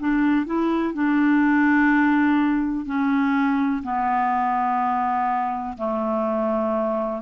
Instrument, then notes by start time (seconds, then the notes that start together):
clarinet
0.00 D4
0.47 E4
0.94 D4
2.86 C#4
3.84 B3
5.78 A3